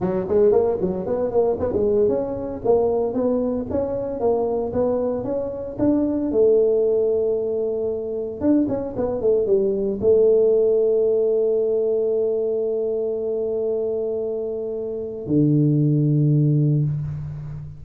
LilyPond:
\new Staff \with { instrumentName = "tuba" } { \time 4/4 \tempo 4 = 114 fis8 gis8 ais8 fis8 b8 ais8 b16 gis8. | cis'4 ais4 b4 cis'4 | ais4 b4 cis'4 d'4 | a1 |
d'8 cis'8 b8 a8 g4 a4~ | a1~ | a1~ | a4 d2. | }